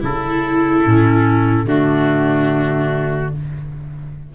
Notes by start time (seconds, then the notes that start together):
0.00 C#3 E4 A4
0.85 A2 C#4
1.66 D3 A3 D4 F#4